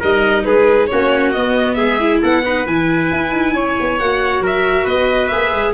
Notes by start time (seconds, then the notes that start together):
0.00 G3 D#4 A#4 D#5
0.45 G#3 G#4 B4
0.87 A#3 C#4 F#4 C#5
1.32 B3 D#5
1.75 G#3 G#4 E5
2.00 E4
2.22 B3 A4 F#5
2.45 D#4 B4
2.66 E3 E4 G#5
3.11 E4
3.33 D#4
3.54 C#4 C#5
3.80 B3
3.98 A#3 F#4 F#5
4.41 F#3 A#4 E5
4.85 B3 B4 D#5
5.28 A#3 G#4 E5
5.52 G#3